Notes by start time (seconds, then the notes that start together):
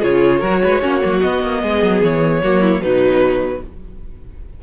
0.00 C#3 F4 G#4 C#5
0.40 F#3 F#4 A#4
0.64 G#3 B4
0.81 A#3 C#4 F#4
1.01 F#3 A#3
1.21 B3 D#5
1.43 A#3
1.61 G#3 G#4
1.83 F#3
2.02 E3 C#5
2.43 F#3 A#3 F#4
2.61 E4
2.81 B2 F#3 D#4 B4